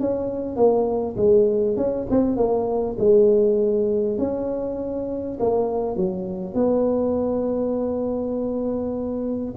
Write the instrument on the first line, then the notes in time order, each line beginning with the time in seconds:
tuba
0.00 C#4
0.56 A#3
1.17 G#3
1.76 C#4
2.10 C4
2.36 A#3
2.98 G#3
4.18 C#4
5.40 A#3
5.96 F#3
6.54 B3